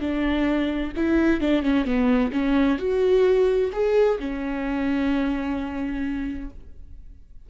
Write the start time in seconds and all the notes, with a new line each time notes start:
0.00 D4
0.96 E4
1.41 D4
1.62 C#4
1.85 B3
2.32 C#4
2.78 F#4
3.72 G#4
4.19 C#4